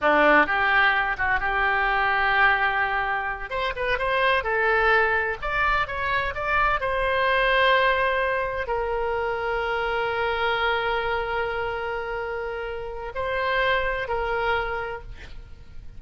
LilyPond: \new Staff \with { instrumentName = "oboe" } { \time 4/4 \tempo 4 = 128 d'4 g'4. fis'8 g'4~ | g'2.~ g'8 c''8 | b'8 c''4 a'2 d''8~ | d''8 cis''4 d''4 c''4.~ |
c''2~ c''8 ais'4.~ | ais'1~ | ais'1 | c''2 ais'2 | }